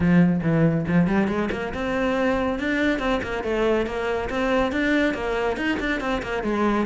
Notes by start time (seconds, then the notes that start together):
0.00 F3
0.42 E3
0.87 F3
1.07 G3
1.27 G#3
1.51 A#3
1.74 C4
2.59 D4
2.99 C4
3.22 A#3
3.43 A3
3.86 A#3
4.29 C4
4.71 D4
5.14 A#3
5.56 D#4
5.79 D4
6.00 C4
6.22 A#3
6.43 G#3